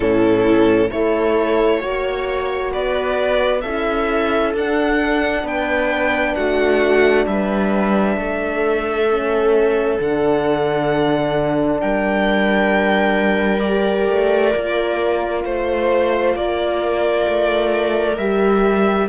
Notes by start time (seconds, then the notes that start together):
0.00 A2 C#4 E4 A4
0.90 A3 E4 A4 C#5
1.80 A#3 F#4 C#5
2.73 B3 B4 D5
3.61 C#4 E4 A4 E5
4.53 D4 F#5
5.43 B3 B4 G5
6.34 A3 F#4 F#5
7.26 G3 B4 E5
8.16 A3 A4
9.10 C#4
9.99 D3 D4 F#5
11.80 G3 A#4 G5
13.59 G4 D5
14.09 A3
14.54 A#3 F4
15.44 A3 C5
16.35 A#3 A#4 D5
17.27 A3
18.17 G3 G4 E5